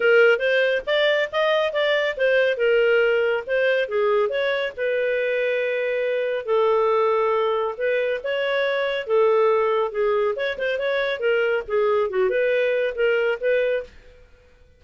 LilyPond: \new Staff \with { instrumentName = "clarinet" } { \time 4/4 \tempo 4 = 139 ais'4 c''4 d''4 dis''4 | d''4 c''4 ais'2 | c''4 gis'4 cis''4 b'4~ | b'2. a'4~ |
a'2 b'4 cis''4~ | cis''4 a'2 gis'4 | cis''8 c''8 cis''4 ais'4 gis'4 | fis'8 b'4. ais'4 b'4 | }